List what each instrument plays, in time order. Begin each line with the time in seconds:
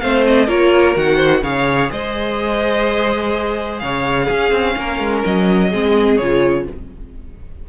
0.00 cello A3, viola C4, violin C5 F5
0.26 violin D#5
0.46 cello A#3, viola F4, violin A#4 C#5
0.95 cello D#3, viola F#4, violin F#5
1.16 violin C5
1.42 cello C#3, viola G#4, violin C#5 F5
1.91 cello G#3, violin C5 D#5
3.79 cello C#3, violin C#5 F5
4.25 viola C#4, cello C#4, violin G#4
4.51 cello C4
4.77 cello A#3, violin A#4
4.99 cello G#3
5.25 cello F#3, violin D#5
5.69 cello G#3, viola C4, violin G#4
6.17 cello C#3, viola F4, violin C#5